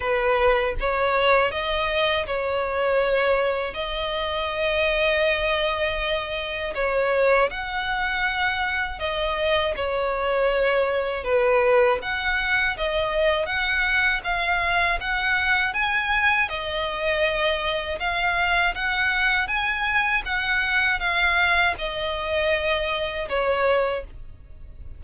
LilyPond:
\new Staff \with { instrumentName = "violin" } { \time 4/4 \tempo 4 = 80 b'4 cis''4 dis''4 cis''4~ | cis''4 dis''2.~ | dis''4 cis''4 fis''2 | dis''4 cis''2 b'4 |
fis''4 dis''4 fis''4 f''4 | fis''4 gis''4 dis''2 | f''4 fis''4 gis''4 fis''4 | f''4 dis''2 cis''4 | }